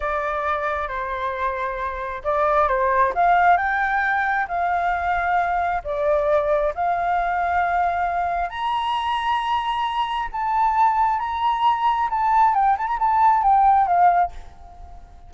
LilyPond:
\new Staff \with { instrumentName = "flute" } { \time 4/4 \tempo 4 = 134 d''2 c''2~ | c''4 d''4 c''4 f''4 | g''2 f''2~ | f''4 d''2 f''4~ |
f''2. ais''4~ | ais''2. a''4~ | a''4 ais''2 a''4 | g''8 a''16 ais''16 a''4 g''4 f''4 | }